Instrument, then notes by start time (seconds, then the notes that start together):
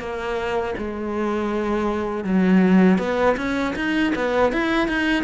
cello
0.00 A#3
0.78 G#3
2.25 F#3
2.99 B3
3.37 C#4
3.76 D#4
4.16 B3
4.53 E4
4.89 D#4